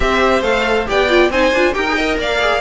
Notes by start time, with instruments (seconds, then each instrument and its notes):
0.00 cello C4, viola G4, violin C5 E5
0.42 cello A3, viola A4, violin F5
0.86 cello B3, viola G4, violin D5 G5
1.09 viola F4
1.30 cello C4, viola D#4, violin C5 G#5
1.52 cello D4, viola F4
1.73 cello D#4, viola G4, violin A#4 G5
1.88 viola G#4
1.96 viola A#4, violin D#5
2.17 cello A#3, violin D5 F5
2.40 viola G#4